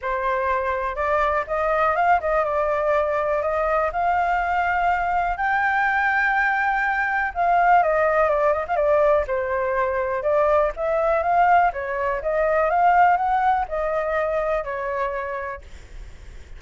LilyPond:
\new Staff \with { instrumentName = "flute" } { \time 4/4 \tempo 4 = 123 c''2 d''4 dis''4 | f''8 dis''8 d''2 dis''4 | f''2. g''4~ | g''2. f''4 |
dis''4 d''8 dis''16 f''16 d''4 c''4~ | c''4 d''4 e''4 f''4 | cis''4 dis''4 f''4 fis''4 | dis''2 cis''2 | }